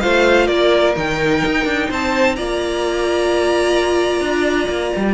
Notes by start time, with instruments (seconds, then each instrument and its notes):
0.00 cello A3, viola F4, violin C5 F5
0.47 cello A#3, violin A#4 D5
0.96 cello D#3, viola D#4, violin G5
1.45 cello D#4
1.65 cello D4
1.89 cello C4, violin C5 A5
2.35 cello A#3, viola F4, violin D5 A#5
4.21 cello D4
4.68 cello A#3
4.96 cello G3